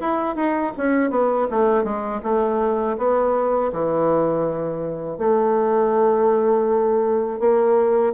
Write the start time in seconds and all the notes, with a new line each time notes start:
0.00 E4
0.35 D#4
0.77 C#4
1.10 B3
1.50 A3
1.84 G#3
2.23 A3
2.97 B3
3.72 E3
5.18 A3
7.39 A#3